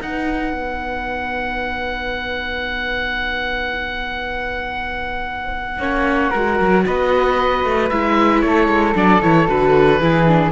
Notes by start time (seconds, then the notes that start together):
0.00 D#4 B4 F#5
0.53 B3
5.78 A#3 C#4 C#5
6.30 G#3 F#4 A#4
6.60 F#3
6.86 B3 B4 D#5
7.64 A3
7.89 G#3 E4 E5
8.40 A3 A4 C#5
8.67 G#3
8.95 F#3 D4 D5
9.22 E3 E4 C#5
9.47 D3 F#4 B4
10.00 E3 E4 G#4
10.27 D4